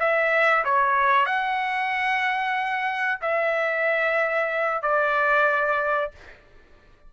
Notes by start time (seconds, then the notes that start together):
0.00 E5
0.65 C#5
1.26 F#5
3.22 E5
4.82 D5